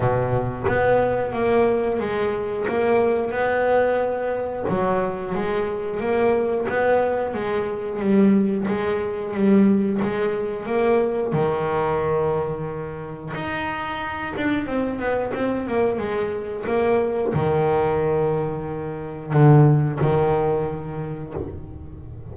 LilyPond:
\new Staff \with { instrumentName = "double bass" } { \time 4/4 \tempo 4 = 90 b,4 b4 ais4 gis4 | ais4 b2 fis4 | gis4 ais4 b4 gis4 | g4 gis4 g4 gis4 |
ais4 dis2. | dis'4. d'8 c'8 b8 c'8 ais8 | gis4 ais4 dis2~ | dis4 d4 dis2 | }